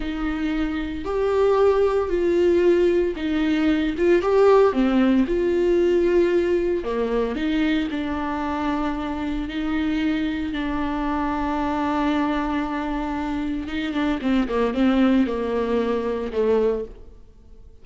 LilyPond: \new Staff \with { instrumentName = "viola" } { \time 4/4 \tempo 4 = 114 dis'2 g'2 | f'2 dis'4. f'8 | g'4 c'4 f'2~ | f'4 ais4 dis'4 d'4~ |
d'2 dis'2 | d'1~ | d'2 dis'8 d'8 c'8 ais8 | c'4 ais2 a4 | }